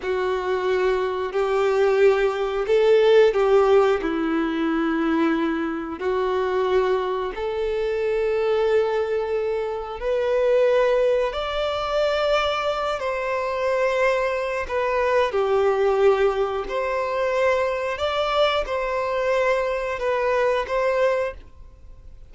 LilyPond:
\new Staff \with { instrumentName = "violin" } { \time 4/4 \tempo 4 = 90 fis'2 g'2 | a'4 g'4 e'2~ | e'4 fis'2 a'4~ | a'2. b'4~ |
b'4 d''2~ d''8 c''8~ | c''2 b'4 g'4~ | g'4 c''2 d''4 | c''2 b'4 c''4 | }